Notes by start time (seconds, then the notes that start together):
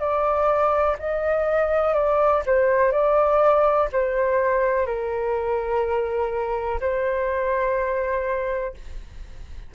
0.00 D5
0.99 D#5
1.94 D5
2.46 C5
2.92 D5
3.93 C5
4.87 A#4
6.81 C5